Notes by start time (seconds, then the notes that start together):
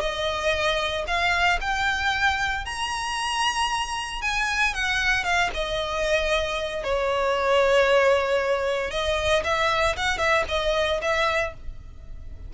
0.00 D#5
1.07 F5
1.60 G5
2.65 A#5
4.21 G#5
4.74 F#5
5.23 F5
5.54 D#5
6.83 C#5
8.91 D#5
9.44 E5
9.96 F#5
10.18 E5
10.48 D#5
11.01 E5